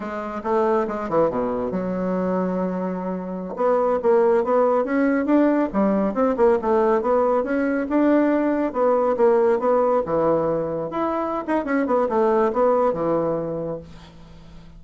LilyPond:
\new Staff \with { instrumentName = "bassoon" } { \time 4/4 \tempo 4 = 139 gis4 a4 gis8 e8 b,4 | fis1~ | fis16 b4 ais4 b4 cis'8.~ | cis'16 d'4 g4 c'8 ais8 a8.~ |
a16 b4 cis'4 d'4.~ d'16~ | d'16 b4 ais4 b4 e8.~ | e4~ e16 e'4~ e'16 dis'8 cis'8 b8 | a4 b4 e2 | }